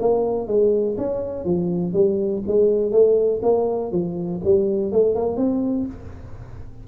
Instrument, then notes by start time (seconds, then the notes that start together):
tuba
0.00 A#3
0.48 G#3
0.98 C#4
1.45 F3
1.94 G3
2.47 G#3
2.92 A3
3.43 A#3
3.92 F3
4.45 G3
4.92 A3
5.15 A#3
5.37 C4